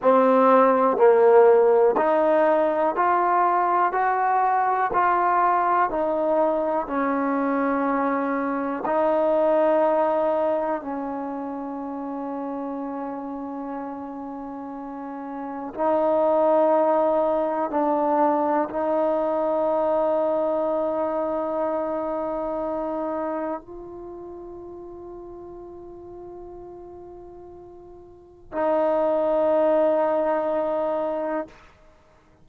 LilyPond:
\new Staff \with { instrumentName = "trombone" } { \time 4/4 \tempo 4 = 61 c'4 ais4 dis'4 f'4 | fis'4 f'4 dis'4 cis'4~ | cis'4 dis'2 cis'4~ | cis'1 |
dis'2 d'4 dis'4~ | dis'1 | f'1~ | f'4 dis'2. | }